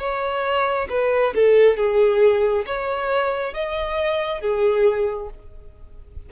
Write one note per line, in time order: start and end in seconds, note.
0.00 0.88 C#5
0.90 1.34 B4
1.35 1.77 A4
1.77 2.66 G#4
2.67 3.55 C#5
3.55 4.42 D#5
4.42 5.30 G#4